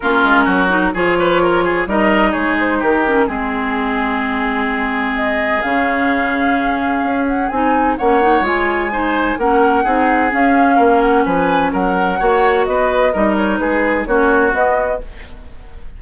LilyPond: <<
  \new Staff \with { instrumentName = "flute" } { \time 4/4 \tempo 4 = 128 ais'2 cis''2 | dis''4 cis''8 c''8 ais'4 gis'4~ | gis'2. dis''4 | f''2.~ f''8 fis''8 |
gis''4 fis''4 gis''2 | fis''2 f''4. fis''8 | gis''4 fis''2 dis''4~ | dis''8 cis''8 b'4 cis''4 dis''4 | }
  \new Staff \with { instrumentName = "oboe" } { \time 4/4 f'4 fis'4 gis'8 b'8 ais'8 gis'8 | ais'4 gis'4 g'4 gis'4~ | gis'1~ | gis'1~ |
gis'4 cis''2 c''4 | ais'4 gis'2 ais'4 | b'4 ais'4 cis''4 b'4 | ais'4 gis'4 fis'2 | }
  \new Staff \with { instrumentName = "clarinet" } { \time 4/4 cis'4. dis'8 f'2 | dis'2~ dis'8 cis'8 c'4~ | c'1 | cis'1 |
dis'4 cis'8 dis'8 f'4 dis'4 | cis'4 dis'4 cis'2~ | cis'2 fis'2 | dis'2 cis'4 b4 | }
  \new Staff \with { instrumentName = "bassoon" } { \time 4/4 ais8 gis8 fis4 f2 | g4 gis4 dis4 gis4~ | gis1 | cis2. cis'4 |
c'4 ais4 gis2 | ais4 c'4 cis'4 ais4 | f4 fis4 ais4 b4 | g4 gis4 ais4 b4 | }
>>